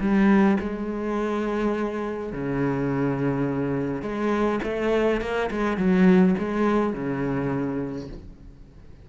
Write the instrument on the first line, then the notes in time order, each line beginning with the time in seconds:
cello
0.00 G3
0.60 G#3
2.33 C#3
4.02 G#3
4.63 A3
5.21 A#3
5.51 G#3
5.77 F#3
6.38 G#3
6.93 C#3